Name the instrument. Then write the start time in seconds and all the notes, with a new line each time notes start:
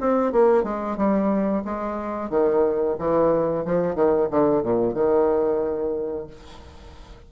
bassoon
0.00 C4
0.32 A#3
0.63 G#3
0.97 G3
1.65 G#3
2.30 D#3
2.99 E3
3.65 F3
3.95 D#3
4.31 D3
4.63 A#2
4.94 D#3